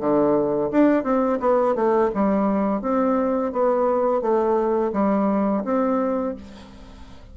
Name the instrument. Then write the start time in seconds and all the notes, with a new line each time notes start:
bassoon
0.00 D3
0.71 D4
1.04 C4
1.40 B3
1.75 A3
2.15 G3
2.82 C4
3.52 B3
4.22 A3
4.93 G3
5.65 C4